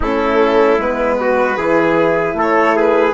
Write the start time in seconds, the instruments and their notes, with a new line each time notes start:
0.00 bassoon A3, horn C#4, trumpet E4, violin A4
0.78 bassoon G#3, horn B3, violin B4
1.20 trumpet F#4
1.56 bassoon E3, horn E4, trumpet G#4
2.34 bassoon A3, trumpet A4
2.41 violin C#5
2.76 trumpet G#4, violin B4